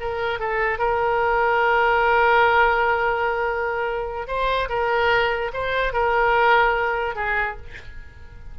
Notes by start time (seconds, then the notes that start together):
0.00 A#4
0.39 A4
0.78 A#4
4.27 C5
4.69 A#4
5.53 C5
5.93 A#4
7.15 G#4